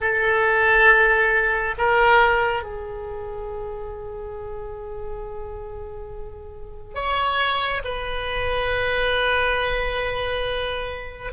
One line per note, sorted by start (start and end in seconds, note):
0.00 1.74 A4
1.78 2.62 A#4
2.62 6.94 G#4
6.94 7.81 C#5
7.84 11.32 B4